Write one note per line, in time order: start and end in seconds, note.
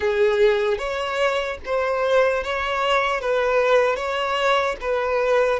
0.00 0.77 G#4
0.77 1.57 C#5
1.65 2.43 C5
2.43 3.20 C#5
3.20 3.96 B4
3.96 4.76 C#5
4.80 5.59 B4